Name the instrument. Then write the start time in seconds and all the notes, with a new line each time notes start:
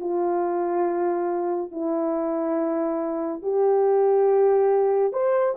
horn
0.00 F4
1.71 E4
3.42 G4
5.13 C5